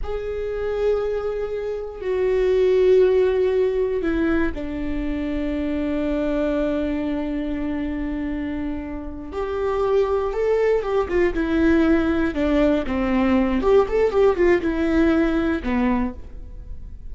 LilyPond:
\new Staff \with { instrumentName = "viola" } { \time 4/4 \tempo 4 = 119 gis'1 | fis'1 | e'4 d'2.~ | d'1~ |
d'2~ d'8 g'4.~ | g'8 a'4 g'8 f'8 e'4.~ | e'8 d'4 c'4. g'8 a'8 | g'8 f'8 e'2 b4 | }